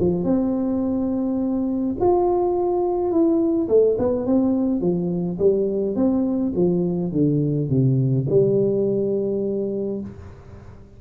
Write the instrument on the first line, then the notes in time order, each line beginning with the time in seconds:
tuba
0.00 F3
0.24 C4
2.01 F4
3.11 E4
3.69 A3
3.98 B3
4.26 C4
4.81 F3
5.39 G3
5.96 C4
6.55 F3
7.12 D3
7.69 C3
8.29 G3